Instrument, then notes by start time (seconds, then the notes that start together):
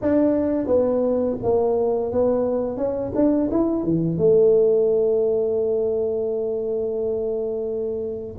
tuba
0.01 D4
0.66 B3
1.42 A#3
2.12 B3
2.77 C#4
3.15 D4
3.51 E4
3.83 E3
4.17 A3